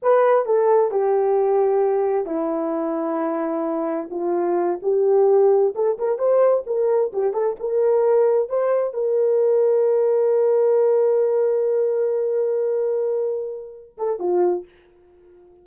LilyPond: \new Staff \with { instrumentName = "horn" } { \time 4/4 \tempo 4 = 131 b'4 a'4 g'2~ | g'4 e'2.~ | e'4 f'4. g'4.~ | g'8 a'8 ais'8 c''4 ais'4 g'8 |
a'8 ais'2 c''4 ais'8~ | ais'1~ | ais'1~ | ais'2~ ais'8 a'8 f'4 | }